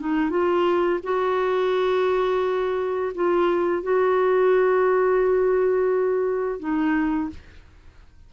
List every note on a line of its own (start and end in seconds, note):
0.00 0.30 D#4
0.30 1.00 F4
1.03 3.13 F#4
3.15 3.83 F4
3.83 6.60 F#4
6.60 7.30 D#4